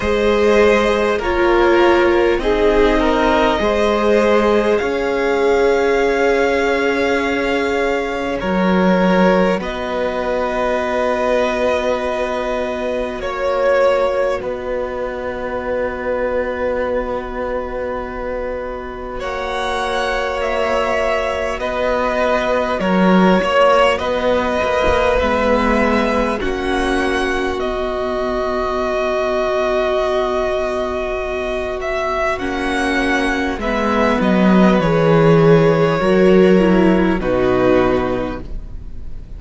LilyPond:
<<
  \new Staff \with { instrumentName = "violin" } { \time 4/4 \tempo 4 = 50 dis''4 cis''4 dis''2 | f''2. cis''4 | dis''2. cis''4 | dis''1 |
fis''4 e''4 dis''4 cis''4 | dis''4 e''4 fis''4 dis''4~ | dis''2~ dis''8 e''8 fis''4 | e''8 dis''8 cis''2 b'4 | }
  \new Staff \with { instrumentName = "violin" } { \time 4/4 c''4 ais'4 gis'8 ais'8 c''4 | cis''2. ais'4 | b'2. cis''4 | b'1 |
cis''2 b'4 ais'8 cis''8 | b'2 fis'2~ | fis'1 | b'2 ais'4 fis'4 | }
  \new Staff \with { instrumentName = "viola" } { \time 4/4 gis'4 f'4 dis'4 gis'4~ | gis'2. fis'4~ | fis'1~ | fis'1~ |
fis'1~ | fis'4 b4 cis'4 b4~ | b2. cis'4 | b4 gis'4 fis'8 e'8 dis'4 | }
  \new Staff \with { instrumentName = "cello" } { \time 4/4 gis4 ais4 c'4 gis4 | cis'2. fis4 | b2. ais4 | b1 |
ais2 b4 fis8 ais8 | b8 ais8 gis4 ais4 b4~ | b2. ais4 | gis8 fis8 e4 fis4 b,4 | }
>>